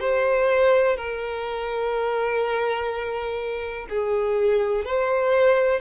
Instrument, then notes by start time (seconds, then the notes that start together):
violin
0.00 C5
0.97 A#4
3.90 G#4
4.85 C5